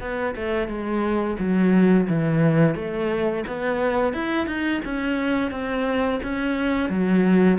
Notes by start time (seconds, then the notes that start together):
0.00 B3
0.35 A3
0.67 G#3
1.39 F#3
2.08 E3
2.75 A3
3.47 B3
4.13 E4
4.46 D#4
4.84 C#4
5.50 C4
6.23 C#4
6.89 F#3